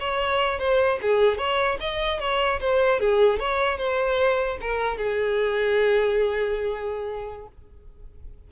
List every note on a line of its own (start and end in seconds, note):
0.00 0.59 C#5
0.59 0.99 C5
1.02 1.38 G#4
1.38 1.78 C#5
1.80 2.20 D#5
2.20 2.60 C#5
2.61 3.00 C5
3.00 3.40 G#4
3.40 3.78 C#5
3.78 4.58 C5
4.61 4.98 A#4
4.98 7.48 G#4